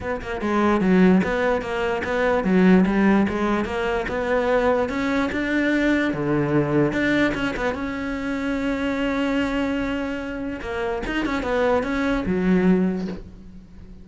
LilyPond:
\new Staff \with { instrumentName = "cello" } { \time 4/4 \tempo 4 = 147 b8 ais8 gis4 fis4 b4 | ais4 b4 fis4 g4 | gis4 ais4 b2 | cis'4 d'2 d4~ |
d4 d'4 cis'8 b8 cis'4~ | cis'1~ | cis'2 ais4 dis'8 cis'8 | b4 cis'4 fis2 | }